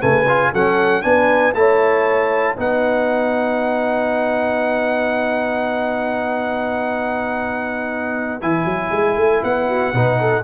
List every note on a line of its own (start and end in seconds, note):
0.00 0.53 C#3
0.00 0.25 A3
0.00 0.51 B4
0.00 0.52 G#5
0.28 0.53 F4
0.53 1.04 F#3
0.53 1.02 C#4
0.53 1.03 A4
0.53 1.02 F#5
1.02 1.53 B3
1.02 1.53 D4
1.02 1.57 B4
1.02 1.52 G#5
1.53 2.55 A3
1.53 2.56 E4
1.53 2.56 C#5
1.53 2.56 A5
2.56 8.42 B3
2.56 8.41 D#4
2.56 9.67 B4
2.56 8.41 F#5
8.41 8.65 E3
8.41 9.93 E4
8.41 9.43 G#5
8.65 8.90 F#3
8.91 9.16 G#3
9.16 9.42 A3
9.43 9.93 B3
9.43 10.43 F#5
9.68 9.93 F#4
9.93 10.43 B2
9.93 10.43 D#4
9.93 10.19 B4
10.19 10.43 A4